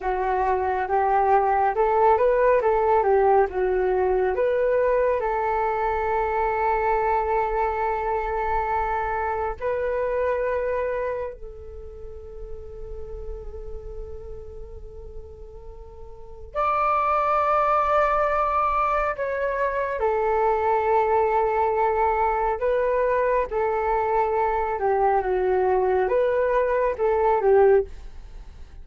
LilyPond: \new Staff \with { instrumentName = "flute" } { \time 4/4 \tempo 4 = 69 fis'4 g'4 a'8 b'8 a'8 g'8 | fis'4 b'4 a'2~ | a'2. b'4~ | b'4 a'2.~ |
a'2. d''4~ | d''2 cis''4 a'4~ | a'2 b'4 a'4~ | a'8 g'8 fis'4 b'4 a'8 g'8 | }